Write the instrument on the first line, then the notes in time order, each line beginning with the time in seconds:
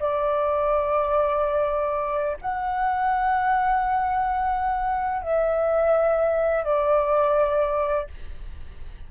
flute
0.00 D5
2.42 F#5
5.23 E5
6.65 D5